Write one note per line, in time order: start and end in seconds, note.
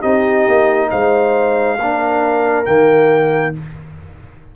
0.00 0.48 C4
0.00 1.79 D#4
0.00 0.88 G4
0.00 0.90 D#5
0.48 0.92 A#3
0.91 1.78 G#3
0.91 1.78 C5
0.91 2.65 F5
1.78 2.67 A#3
1.78 2.66 D4
1.78 3.55 A#4
2.65 3.56 D#3
2.65 3.54 A#3
2.65 3.54 G5